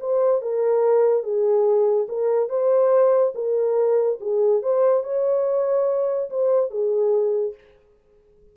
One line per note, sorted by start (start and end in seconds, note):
0.00 0.42 C5
0.42 1.23 A#4
1.23 2.07 G#4
2.08 2.49 A#4
2.49 3.33 C5
3.35 4.19 A#4
4.20 4.62 G#4
4.62 5.04 C5
5.04 6.30 C#5
6.30 6.71 C5
6.71 7.54 G#4